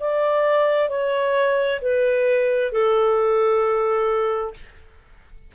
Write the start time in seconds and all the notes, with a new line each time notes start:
0.00 D5
0.90 C#5
1.81 B4
2.72 A4